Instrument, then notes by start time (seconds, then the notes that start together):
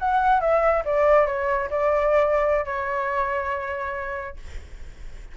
flute
0.00 F#5
0.41 E5
0.85 D5
1.27 C#5
1.70 D5
2.65 C#5